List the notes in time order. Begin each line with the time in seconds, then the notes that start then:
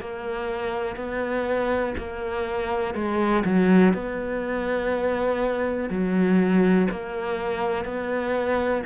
0.00 A#3
0.96 B3
1.98 A#3
2.94 G#3
3.45 F#3
3.93 B3
5.90 F#3
6.91 A#3
7.85 B3